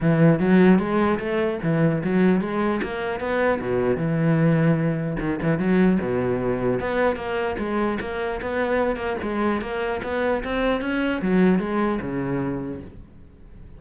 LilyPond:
\new Staff \with { instrumentName = "cello" } { \time 4/4 \tempo 4 = 150 e4 fis4 gis4 a4 | e4 fis4 gis4 ais4 | b4 b,4 e2~ | e4 dis8 e8 fis4 b,4~ |
b,4 b4 ais4 gis4 | ais4 b4. ais8 gis4 | ais4 b4 c'4 cis'4 | fis4 gis4 cis2 | }